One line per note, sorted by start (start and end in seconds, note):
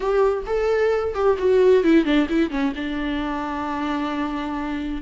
0.00 0.43 G4
0.46 1.14 A4
1.14 1.37 G4
1.38 1.83 F#4
1.83 2.04 E4
2.04 2.27 D4
2.29 2.50 E4
2.50 2.73 C#4
2.75 5.01 D4